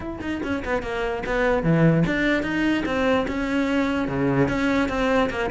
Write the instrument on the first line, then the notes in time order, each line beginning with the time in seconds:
cello
0.00 E4
0.21 D#4
0.43 C#4
0.64 B3
0.82 A#3
1.26 B3
1.63 E3
2.06 D4
2.42 D#4
2.85 C4
3.27 C#4
4.08 C#3
4.48 C#4
4.88 C4
5.29 A#3